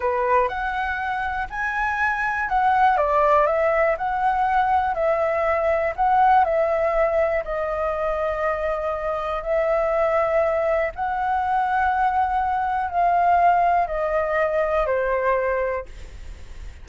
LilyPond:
\new Staff \with { instrumentName = "flute" } { \time 4/4 \tempo 4 = 121 b'4 fis''2 gis''4~ | gis''4 fis''4 d''4 e''4 | fis''2 e''2 | fis''4 e''2 dis''4~ |
dis''2. e''4~ | e''2 fis''2~ | fis''2 f''2 | dis''2 c''2 | }